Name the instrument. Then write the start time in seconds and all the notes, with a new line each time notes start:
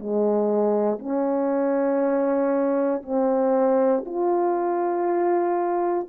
horn
0.00 G#3
0.99 C#4
3.03 C4
4.06 F4